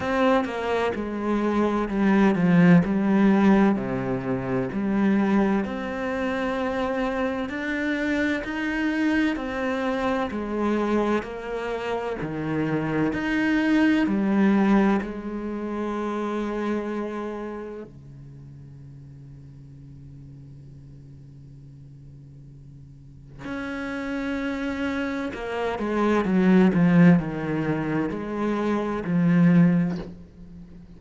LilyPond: \new Staff \with { instrumentName = "cello" } { \time 4/4 \tempo 4 = 64 c'8 ais8 gis4 g8 f8 g4 | c4 g4 c'2 | d'4 dis'4 c'4 gis4 | ais4 dis4 dis'4 g4 |
gis2. cis4~ | cis1~ | cis4 cis'2 ais8 gis8 | fis8 f8 dis4 gis4 f4 | }